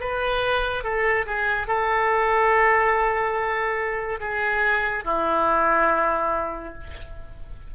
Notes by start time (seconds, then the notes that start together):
0.00 B4
0.83 A4
1.26 G#4
1.67 A4
4.20 G#4
5.04 E4